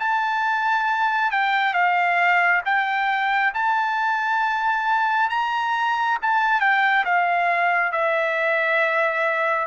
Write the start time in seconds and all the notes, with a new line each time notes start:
0.00 A5
1.32 G5
1.74 F5
2.66 G5
3.54 A5
5.30 A#5
6.22 A5
6.61 G5
7.05 F5
7.93 E5